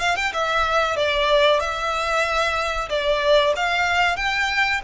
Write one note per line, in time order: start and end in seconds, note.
0.00 0.16 F5
0.16 0.32 G5
0.33 0.96 E5
0.96 1.60 D5
1.60 2.89 E5
2.89 3.53 D5
3.56 4.16 F5
4.16 4.81 G5